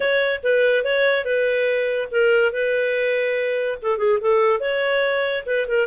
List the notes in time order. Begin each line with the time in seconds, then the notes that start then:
0.00 C#5
0.43 B4
0.84 C#5
1.24 B4
2.11 A#4
2.52 B4
3.82 A4
3.97 G#4
4.21 A4
4.60 C#5
5.46 B4
5.68 A#4